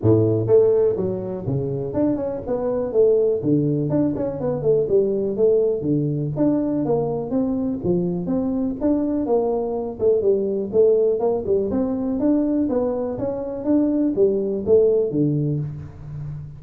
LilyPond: \new Staff \with { instrumentName = "tuba" } { \time 4/4 \tempo 4 = 123 a,4 a4 fis4 cis4 | d'8 cis'8 b4 a4 d4 | d'8 cis'8 b8 a8 g4 a4 | d4 d'4 ais4 c'4 |
f4 c'4 d'4 ais4~ | ais8 a8 g4 a4 ais8 g8 | c'4 d'4 b4 cis'4 | d'4 g4 a4 d4 | }